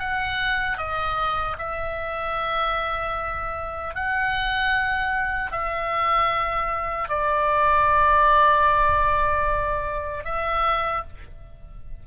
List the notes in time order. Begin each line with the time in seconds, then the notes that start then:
0.00 F#5
0.78 D#5
1.59 E5
3.95 F#5
5.52 E5
7.09 D5
10.25 E5